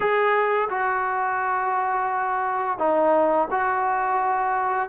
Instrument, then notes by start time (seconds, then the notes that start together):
trombone
0.00 G#4
0.69 F#4
2.78 D#4
3.50 F#4